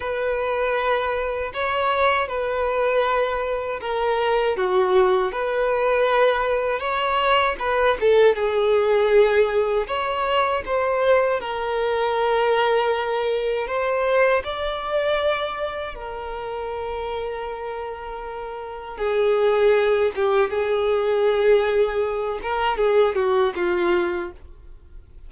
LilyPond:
\new Staff \with { instrumentName = "violin" } { \time 4/4 \tempo 4 = 79 b'2 cis''4 b'4~ | b'4 ais'4 fis'4 b'4~ | b'4 cis''4 b'8 a'8 gis'4~ | gis'4 cis''4 c''4 ais'4~ |
ais'2 c''4 d''4~ | d''4 ais'2.~ | ais'4 gis'4. g'8 gis'4~ | gis'4. ais'8 gis'8 fis'8 f'4 | }